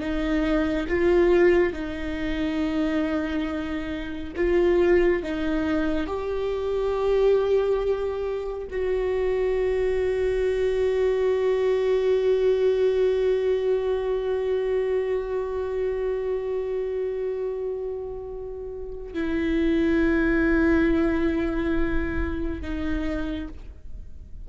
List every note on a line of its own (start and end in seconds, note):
0.00 0.87 D#4
0.88 1.73 F4
1.73 4.34 D#4
4.36 5.23 F4
5.23 6.07 D#4
6.07 8.68 G4
8.71 19.14 F#4
19.14 22.62 E4
22.62 23.49 D#4